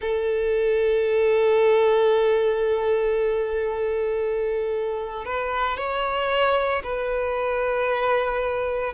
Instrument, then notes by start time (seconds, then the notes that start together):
violin
0.01 A4
5.25 B4
5.77 C#5
6.83 B4